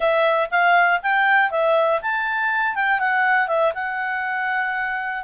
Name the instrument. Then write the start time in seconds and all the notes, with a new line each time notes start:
clarinet
0.00 E5
0.50 F5
1.02 G5
1.50 E5
2.01 A5
2.75 G5
2.99 F#5
3.47 E5
3.74 F#5